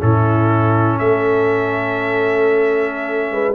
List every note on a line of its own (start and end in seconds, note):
0.00 1.00 A2
0.00 3.54 C#4
0.00 0.99 E4
0.00 0.99 A4
0.99 3.32 A3
0.99 3.31 A4
0.99 3.55 E5
3.32 3.55 G#3
3.32 3.55 B4